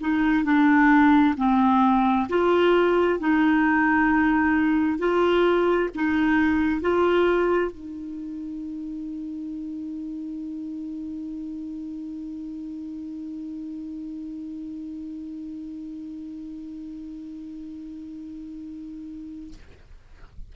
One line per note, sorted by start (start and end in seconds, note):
0.00 0.44 D#4
0.44 1.35 D4
1.36 2.27 C4
2.29 3.19 F4
3.19 4.98 D#4
4.98 5.89 F4
5.95 6.81 D#4
6.81 7.71 F4
7.71 19.53 D#4